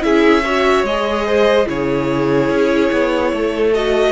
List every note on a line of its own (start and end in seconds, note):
0.00 0.83 C#4
0.00 0.41 E4
0.00 0.44 G#4
0.00 0.85 E5
0.44 0.86 F#4
0.44 1.26 C#5
0.83 1.65 G#3
0.83 1.66 G#4
0.83 1.67 D#5
1.26 1.67 C5
1.66 2.49 C#3
1.66 3.71 E4
1.66 3.34 G#4
1.66 3.74 C#5
2.49 2.90 C#4
2.92 3.32 B3
3.32 4.12 A3
3.32 4.12 A4
3.74 4.12 F#4
3.74 4.12 D#5